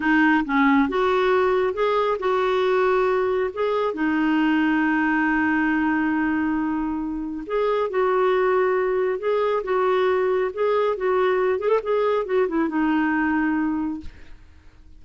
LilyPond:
\new Staff \with { instrumentName = "clarinet" } { \time 4/4 \tempo 4 = 137 dis'4 cis'4 fis'2 | gis'4 fis'2. | gis'4 dis'2.~ | dis'1~ |
dis'4 gis'4 fis'2~ | fis'4 gis'4 fis'2 | gis'4 fis'4. gis'16 a'16 gis'4 | fis'8 e'8 dis'2. | }